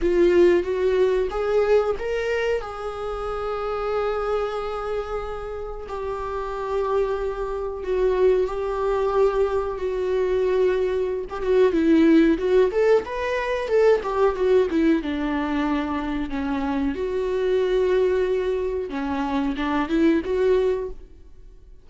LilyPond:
\new Staff \with { instrumentName = "viola" } { \time 4/4 \tempo 4 = 92 f'4 fis'4 gis'4 ais'4 | gis'1~ | gis'4 g'2. | fis'4 g'2 fis'4~ |
fis'4~ fis'16 g'16 fis'8 e'4 fis'8 a'8 | b'4 a'8 g'8 fis'8 e'8 d'4~ | d'4 cis'4 fis'2~ | fis'4 cis'4 d'8 e'8 fis'4 | }